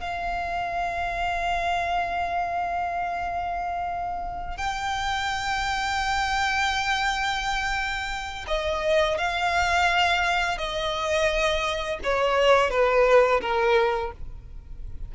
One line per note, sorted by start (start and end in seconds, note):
0.00 4.57 F5
4.57 8.45 G5
8.47 9.18 D#5
9.18 10.58 F5
10.58 11.99 D#5
12.03 12.70 C#5
12.70 13.41 B4
13.41 14.11 A#4